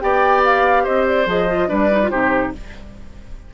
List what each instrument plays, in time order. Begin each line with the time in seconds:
0.00 bassoon B3, clarinet G4, oboe D5, flute G5
0.44 flute F5
0.84 bassoon C4, oboe C5, flute D#5
1.07 flute D5
1.26 bassoon F3, clarinet G#4, flute D#5
1.48 clarinet F4
1.68 bassoon G3, clarinet D4, oboe B4, flute D5
1.91 clarinet D#4
2.03 clarinet F4
2.09 bassoon C3, clarinet D#4, oboe G4, flute C5